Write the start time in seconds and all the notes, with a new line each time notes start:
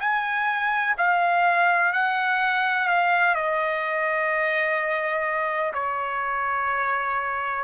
0.00 G#5
0.97 F5
1.93 F#5
2.88 F5
3.35 D#5
5.74 C#5